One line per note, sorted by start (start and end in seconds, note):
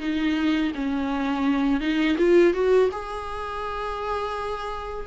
0.00 0.72 D#4
0.75 1.81 C#4
1.81 2.17 D#4
2.19 2.54 F4
2.54 2.90 F#4
2.92 5.07 G#4